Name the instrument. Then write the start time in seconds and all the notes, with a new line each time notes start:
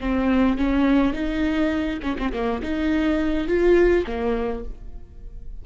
viola
0.00 C4
0.58 C#4
1.13 D#4
2.02 C#4
2.18 C4
2.33 A#3
2.62 D#4
3.47 F4
4.07 A#3